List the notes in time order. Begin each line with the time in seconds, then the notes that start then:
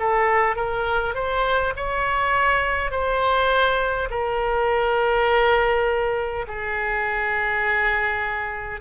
0.00 A4
0.56 A#4
1.15 C5
1.77 C#5
2.91 C5
4.11 A#4
6.48 G#4